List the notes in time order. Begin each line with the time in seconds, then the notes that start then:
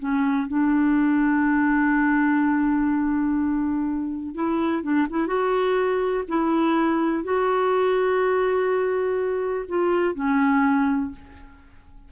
0.00 C#4
0.48 D4
4.35 E4
4.83 D4
5.10 E4
5.27 F#4
6.29 E4
7.24 F#4
9.68 F4
10.15 C#4